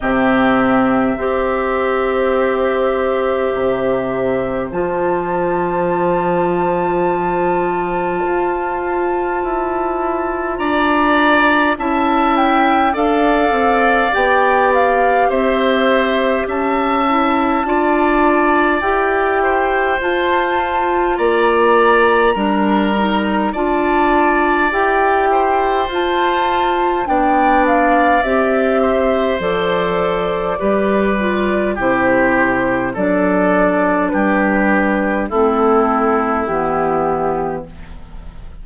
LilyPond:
<<
  \new Staff \with { instrumentName = "flute" } { \time 4/4 \tempo 4 = 51 e''1 | a''1~ | a''4 ais''4 a''8 g''8 f''4 | g''8 f''8 e''4 a''2 |
g''4 a''4 ais''2 | a''4 g''4 a''4 g''8 f''8 | e''4 d''2 c''4 | d''4 b'4 a'4 g'4 | }
  \new Staff \with { instrumentName = "oboe" } { \time 4/4 g'4 c''2.~ | c''1~ | c''4 d''4 e''4 d''4~ | d''4 c''4 e''4 d''4~ |
d''8 c''4. d''4 ais'4 | d''4. c''4. d''4~ | d''8 c''4. b'4 g'4 | a'4 g'4 e'2 | }
  \new Staff \with { instrumentName = "clarinet" } { \time 4/4 c'4 g'2. | f'1~ | f'2 e'4 a'4 | g'2~ g'8 e'8 f'4 |
g'4 f'2 d'8 dis'8 | f'4 g'4 f'4 d'4 | g'4 a'4 g'8 f'8 e'4 | d'2 c'4 b4 | }
  \new Staff \with { instrumentName = "bassoon" } { \time 4/4 c4 c'2 c4 | f2. f'4 | e'4 d'4 cis'4 d'8 c'8 | b4 c'4 cis'4 d'4 |
e'4 f'4 ais4 g4 | d'4 e'4 f'4 b4 | c'4 f4 g4 c4 | fis4 g4 a4 e4 | }
>>